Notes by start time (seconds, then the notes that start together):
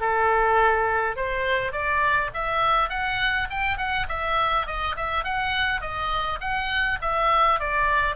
0.00 A4
1.16 C5
1.72 D5
2.34 E5
2.89 F#5
3.50 G5
3.77 F#5
4.09 E5
4.67 D#5
4.96 E5
5.24 F#5
5.81 D#5
6.40 F#5
7.01 E5
7.60 D5